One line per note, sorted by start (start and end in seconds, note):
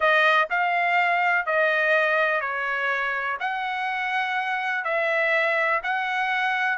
0.00 0.48 D#5
0.50 1.45 F5
1.45 2.40 D#5
2.40 3.37 C#5
3.39 4.84 F#5
4.84 5.81 E5
5.83 6.78 F#5